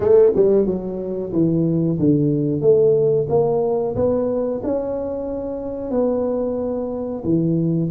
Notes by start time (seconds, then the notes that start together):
0.00 A3
0.35 G3
0.66 F#3
1.32 E3
1.98 D3
2.61 A3
3.29 A#3
3.95 B3
4.63 C#4
5.90 B3
7.24 E3